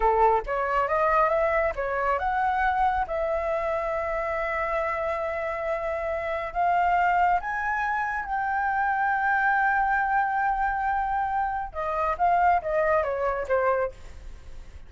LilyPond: \new Staff \with { instrumentName = "flute" } { \time 4/4 \tempo 4 = 138 a'4 cis''4 dis''4 e''4 | cis''4 fis''2 e''4~ | e''1~ | e''2. f''4~ |
f''4 gis''2 g''4~ | g''1~ | g''2. dis''4 | f''4 dis''4 cis''4 c''4 | }